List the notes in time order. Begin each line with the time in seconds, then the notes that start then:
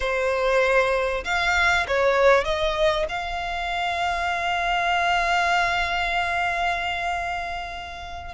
0.00 C5
1.24 F5
1.87 C#5
2.44 D#5
3.08 F5